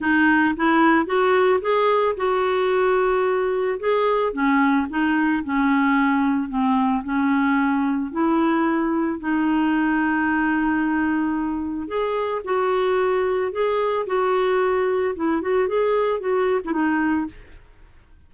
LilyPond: \new Staff \with { instrumentName = "clarinet" } { \time 4/4 \tempo 4 = 111 dis'4 e'4 fis'4 gis'4 | fis'2. gis'4 | cis'4 dis'4 cis'2 | c'4 cis'2 e'4~ |
e'4 dis'2.~ | dis'2 gis'4 fis'4~ | fis'4 gis'4 fis'2 | e'8 fis'8 gis'4 fis'8. e'16 dis'4 | }